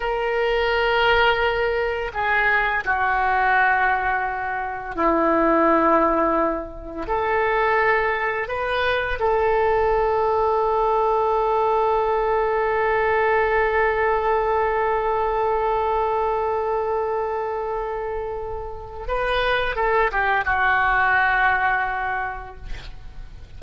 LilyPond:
\new Staff \with { instrumentName = "oboe" } { \time 4/4 \tempo 4 = 85 ais'2. gis'4 | fis'2. e'4~ | e'2 a'2 | b'4 a'2.~ |
a'1~ | a'1~ | a'2. b'4 | a'8 g'8 fis'2. | }